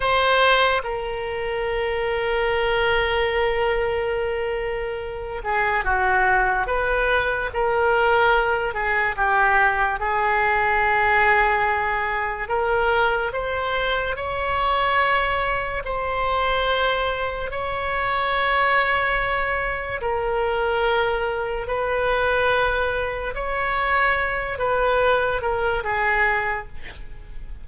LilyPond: \new Staff \with { instrumentName = "oboe" } { \time 4/4 \tempo 4 = 72 c''4 ais'2.~ | ais'2~ ais'8 gis'8 fis'4 | b'4 ais'4. gis'8 g'4 | gis'2. ais'4 |
c''4 cis''2 c''4~ | c''4 cis''2. | ais'2 b'2 | cis''4. b'4 ais'8 gis'4 | }